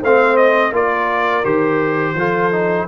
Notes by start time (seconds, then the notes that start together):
0.00 A3 C4 C5 F5
0.36 D#5
0.72 A#3 F4 A#4 D5
1.44 D#3 G4 C5
2.14 F3 F4 A4
2.52 D#4